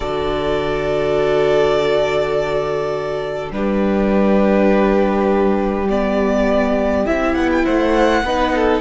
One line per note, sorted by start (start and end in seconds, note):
0.00 3.51 D3
0.00 3.51 F#4
0.00 3.52 A4
0.00 3.49 D5
3.51 7.04 G3
3.51 5.87 D4
3.51 7.64 G4
3.51 5.88 B4
5.89 7.06 B3
5.89 7.06 D5
7.06 7.36 C4
7.06 8.23 E4
7.06 7.34 E5
7.34 7.65 B3
7.34 7.49 F#5
7.52 7.65 G5
7.64 8.23 A3
7.64 8.23 C5
7.64 8.80 F#5
8.23 8.80 B3
8.23 8.80 D#4
8.23 8.54 B4
8.55 8.80 A4